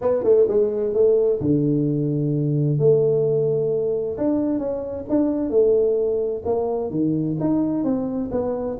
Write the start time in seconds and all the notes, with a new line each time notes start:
0.01 B3
0.23 A3
0.47 G#3
0.93 A3
1.40 D3
2.78 A3
4.17 D4
4.58 C#4
5.09 D4
5.49 A3
6.45 A#3
6.90 D#3
7.40 D#4
7.84 C4
8.31 B3